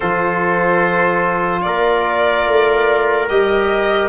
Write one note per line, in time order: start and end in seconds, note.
0.00 1.65 F3
0.00 3.29 F4
0.00 1.62 A4
0.00 1.61 C5
1.61 2.46 A#3
1.61 4.08 A#4
1.61 3.26 D5
2.46 3.28 A3
3.28 4.08 G3
3.28 4.08 G4
3.28 4.08 D#5